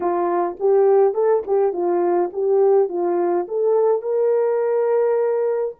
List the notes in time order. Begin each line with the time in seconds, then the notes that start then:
0.00 F4
0.59 G4
1.14 A4
1.46 G4
1.73 F4
2.32 G4
2.88 F4
3.47 A4
4.01 A#4